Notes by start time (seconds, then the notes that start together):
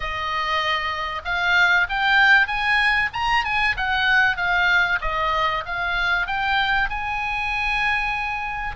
0.00 D#5
1.24 F5
1.89 G5
2.47 G#5
3.13 A#5
3.44 G#5
3.76 F#5
4.36 F5
5.01 D#5
5.65 F5
6.26 G5
6.89 G#5